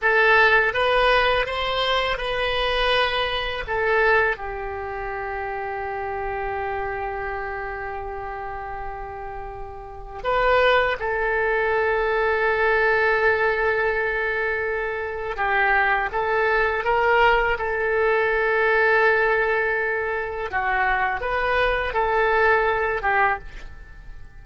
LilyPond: \new Staff \with { instrumentName = "oboe" } { \time 4/4 \tempo 4 = 82 a'4 b'4 c''4 b'4~ | b'4 a'4 g'2~ | g'1~ | g'2 b'4 a'4~ |
a'1~ | a'4 g'4 a'4 ais'4 | a'1 | fis'4 b'4 a'4. g'8 | }